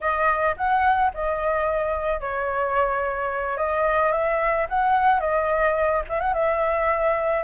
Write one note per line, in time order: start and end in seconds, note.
0.00 0.55 D#5
0.56 1.11 F#5
1.14 2.20 D#5
2.20 3.57 C#5
3.57 4.11 D#5
4.11 4.66 E5
4.69 5.20 F#5
5.20 6.02 D#5
6.08 6.20 E5
6.20 6.33 F#5
6.33 7.43 E5